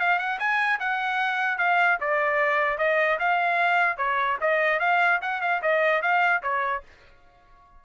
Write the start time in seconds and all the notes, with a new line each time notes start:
0.00 F5
0.19 F#5
0.39 G#5
0.80 F#5
1.58 F5
2.01 D5
2.78 D#5
3.20 F5
3.98 C#5
4.41 D#5
4.80 F5
5.22 F#5
5.42 F5
5.62 D#5
6.02 F5
6.43 C#5